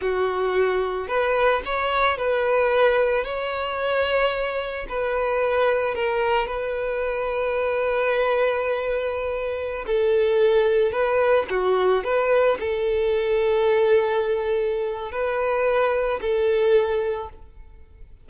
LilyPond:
\new Staff \with { instrumentName = "violin" } { \time 4/4 \tempo 4 = 111 fis'2 b'4 cis''4 | b'2 cis''2~ | cis''4 b'2 ais'4 | b'1~ |
b'2~ b'16 a'4.~ a'16~ | a'16 b'4 fis'4 b'4 a'8.~ | a'1 | b'2 a'2 | }